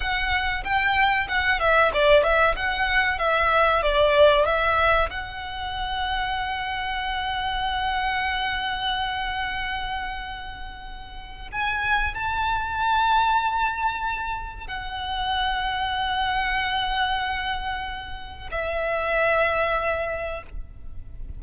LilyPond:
\new Staff \with { instrumentName = "violin" } { \time 4/4 \tempo 4 = 94 fis''4 g''4 fis''8 e''8 d''8 e''8 | fis''4 e''4 d''4 e''4 | fis''1~ | fis''1~ |
fis''2 gis''4 a''4~ | a''2. fis''4~ | fis''1~ | fis''4 e''2. | }